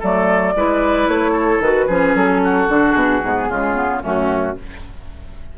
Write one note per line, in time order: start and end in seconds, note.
0.00 0.55 F#3
0.00 0.54 A3
0.00 0.54 A4
0.00 1.08 D5
0.55 1.08 G#3
0.55 1.64 E4
0.55 1.32 B4
1.08 1.60 A3
1.08 1.62 C#5
1.32 1.86 A4
1.60 1.87 D#3
1.60 1.89 F#4
1.60 2.16 B4
1.88 2.15 F3
1.88 2.69 C#4
1.88 2.41 G#4
2.15 2.69 F#3
2.15 2.93 A4
2.45 3.49 F#4
2.69 2.95 D3
2.69 3.22 D4
2.93 3.21 B2
2.93 4.00 G#4
3.24 3.50 G#2
3.24 3.51 B3
3.49 4.03 C#3
3.49 3.75 G#3
3.49 4.03 F4
3.75 4.02 B3
4.02 4.58 F#2
4.02 4.56 A3
4.02 4.56 C#4
4.02 4.58 F#4